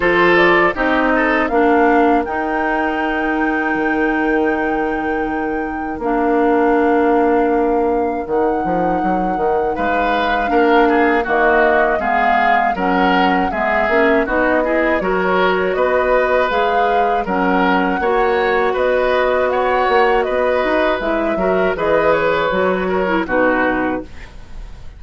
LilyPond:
<<
  \new Staff \with { instrumentName = "flute" } { \time 4/4 \tempo 4 = 80 c''8 d''8 dis''4 f''4 g''4~ | g''1 | f''2. fis''4~ | fis''4 f''2 dis''4 |
f''4 fis''4 e''4 dis''4 | cis''4 dis''4 f''4 fis''4~ | fis''4 dis''4 fis''4 dis''4 | e''4 dis''8 cis''4. b'4 | }
  \new Staff \with { instrumentName = "oboe" } { \time 4/4 a'4 g'8 a'8 ais'2~ | ais'1~ | ais'1~ | ais'4 b'4 ais'8 gis'8 fis'4 |
gis'4 ais'4 gis'4 fis'8 gis'8 | ais'4 b'2 ais'4 | cis''4 b'4 cis''4 b'4~ | b'8 ais'8 b'4. ais'8 fis'4 | }
  \new Staff \with { instrumentName = "clarinet" } { \time 4/4 f'4 dis'4 d'4 dis'4~ | dis'1 | d'2. dis'4~ | dis'2 d'4 ais4 |
b4 cis'4 b8 cis'8 dis'8 e'8 | fis'2 gis'4 cis'4 | fis'1 | e'8 fis'8 gis'4 fis'8. e'16 dis'4 | }
  \new Staff \with { instrumentName = "bassoon" } { \time 4/4 f4 c'4 ais4 dis'4~ | dis'4 dis2. | ais2. dis8 f8 | fis8 dis8 gis4 ais4 dis4 |
gis4 fis4 gis8 ais8 b4 | fis4 b4 gis4 fis4 | ais4 b4. ais8 b8 dis'8 | gis8 fis8 e4 fis4 b,4 | }
>>